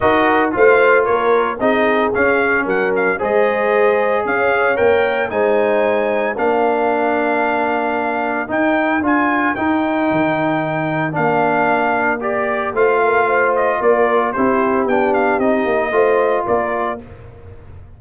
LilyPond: <<
  \new Staff \with { instrumentName = "trumpet" } { \time 4/4 \tempo 4 = 113 dis''4 f''4 cis''4 dis''4 | f''4 fis''8 f''8 dis''2 | f''4 g''4 gis''2 | f''1 |
g''4 gis''4 g''2~ | g''4 f''2 d''4 | f''4. dis''8 d''4 c''4 | g''8 f''8 dis''2 d''4 | }
  \new Staff \with { instrumentName = "horn" } { \time 4/4 ais'4 c''4 ais'4 gis'4~ | gis'4 ais'4 c''2 | cis''2 c''2 | ais'1~ |
ais'1~ | ais'1 | c''8 ais'8 c''4 ais'4 g'4~ | g'2 c''4 ais'4 | }
  \new Staff \with { instrumentName = "trombone" } { \time 4/4 fis'4 f'2 dis'4 | cis'2 gis'2~ | gis'4 ais'4 dis'2 | d'1 |
dis'4 f'4 dis'2~ | dis'4 d'2 g'4 | f'2. e'4 | d'4 dis'4 f'2 | }
  \new Staff \with { instrumentName = "tuba" } { \time 4/4 dis'4 a4 ais4 c'4 | cis'4 fis4 gis2 | cis'4 ais4 gis2 | ais1 |
dis'4 d'4 dis'4 dis4~ | dis4 ais2. | a2 ais4 c'4 | b4 c'8 ais8 a4 ais4 | }
>>